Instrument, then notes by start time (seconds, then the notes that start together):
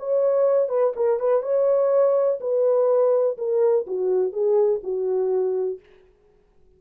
horn
0.00 C#5
0.70 B4
0.97 A#4
1.20 B4
1.43 C#5
2.41 B4
3.38 A#4
3.87 F#4
4.33 G#4
4.84 F#4